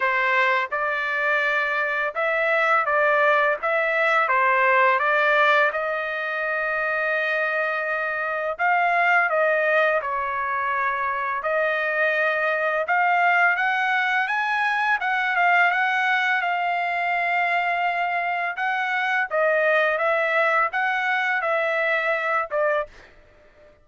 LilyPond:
\new Staff \with { instrumentName = "trumpet" } { \time 4/4 \tempo 4 = 84 c''4 d''2 e''4 | d''4 e''4 c''4 d''4 | dis''1 | f''4 dis''4 cis''2 |
dis''2 f''4 fis''4 | gis''4 fis''8 f''8 fis''4 f''4~ | f''2 fis''4 dis''4 | e''4 fis''4 e''4. d''8 | }